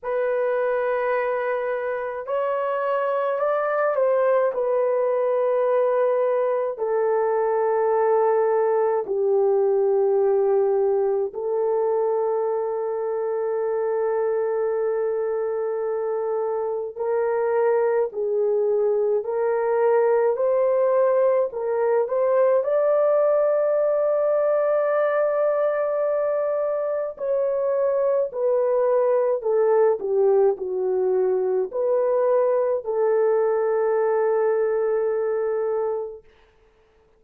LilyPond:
\new Staff \with { instrumentName = "horn" } { \time 4/4 \tempo 4 = 53 b'2 cis''4 d''8 c''8 | b'2 a'2 | g'2 a'2~ | a'2. ais'4 |
gis'4 ais'4 c''4 ais'8 c''8 | d''1 | cis''4 b'4 a'8 g'8 fis'4 | b'4 a'2. | }